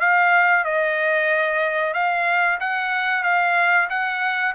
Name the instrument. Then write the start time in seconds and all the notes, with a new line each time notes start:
trumpet
0.00 F5
0.65 D#5
1.94 F5
2.60 F#5
3.23 F5
3.90 F#5